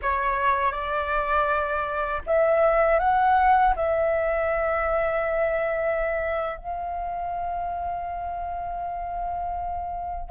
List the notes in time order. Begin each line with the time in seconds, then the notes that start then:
0.01 C#5
0.71 D5
2.26 E5
2.99 F#5
3.76 E5
6.57 F5